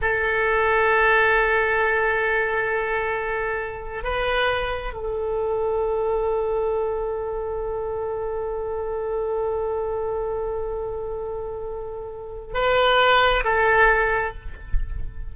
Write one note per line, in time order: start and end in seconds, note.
0.01 4.03 A4
4.03 4.93 B4
4.93 12.54 A4
12.54 13.43 B4
13.44 14.33 A4